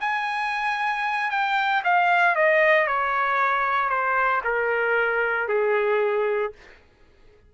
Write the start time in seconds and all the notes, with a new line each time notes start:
0.00 G#5
1.30 G5
1.84 F5
2.35 D#5
2.87 C#5
3.89 C5
4.44 A#4
5.48 G#4